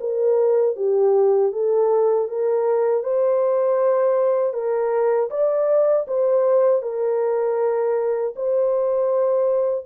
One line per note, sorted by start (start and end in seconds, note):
0.00 0.76 A#4
0.76 1.52 G4
1.52 2.28 A4
2.28 3.03 A#4
3.03 4.53 C5
4.53 5.29 A#4
5.30 6.06 D5
6.07 6.82 C5
6.82 8.34 A#4
8.35 9.85 C5